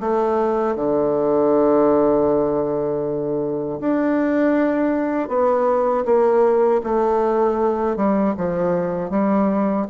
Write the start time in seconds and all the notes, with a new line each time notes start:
0.00 A3
0.76 D3
3.80 D4
5.29 B3
6.06 A#3
6.84 A3
7.97 G3
8.37 F3
9.10 G3